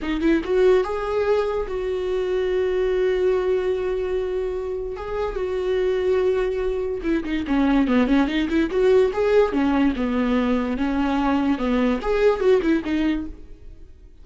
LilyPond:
\new Staff \with { instrumentName = "viola" } { \time 4/4 \tempo 4 = 145 dis'8 e'8 fis'4 gis'2 | fis'1~ | fis'1 | gis'4 fis'2.~ |
fis'4 e'8 dis'8 cis'4 b8 cis'8 | dis'8 e'8 fis'4 gis'4 cis'4 | b2 cis'2 | b4 gis'4 fis'8 e'8 dis'4 | }